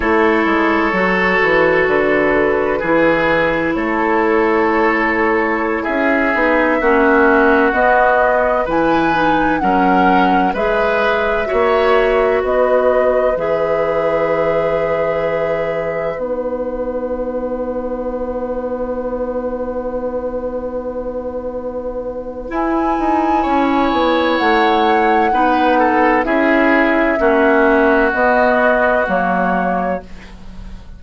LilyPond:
<<
  \new Staff \with { instrumentName = "flute" } { \time 4/4 \tempo 4 = 64 cis''2 b'2 | cis''2~ cis''16 e''4.~ e''16~ | e''16 dis''4 gis''4 fis''4 e''8.~ | e''4~ e''16 dis''4 e''4.~ e''16~ |
e''4~ e''16 fis''2~ fis''8.~ | fis''1 | gis''2 fis''2 | e''2 dis''4 cis''4 | }
  \new Staff \with { instrumentName = "oboe" } { \time 4/4 a'2. gis'4 | a'2~ a'16 gis'4 fis'8.~ | fis'4~ fis'16 b'4 ais'4 b'8.~ | b'16 cis''4 b'2~ b'8.~ |
b'1~ | b'1~ | b'4 cis''2 b'8 a'8 | gis'4 fis'2. | }
  \new Staff \with { instrumentName = "clarinet" } { \time 4/4 e'4 fis'2 e'4~ | e'2~ e'8. dis'8 cis'8.~ | cis'16 b4 e'8 dis'8 cis'4 gis'8.~ | gis'16 fis'2 gis'4.~ gis'16~ |
gis'4~ gis'16 dis'2~ dis'8.~ | dis'1 | e'2. dis'4 | e'4 cis'4 b4 ais4 | }
  \new Staff \with { instrumentName = "bassoon" } { \time 4/4 a8 gis8 fis8 e8 d4 e4 | a2~ a16 cis'8 b8 ais8.~ | ais16 b4 e4 fis4 gis8.~ | gis16 ais4 b4 e4.~ e16~ |
e4~ e16 b2~ b8.~ | b1 | e'8 dis'8 cis'8 b8 a4 b4 | cis'4 ais4 b4 fis4 | }
>>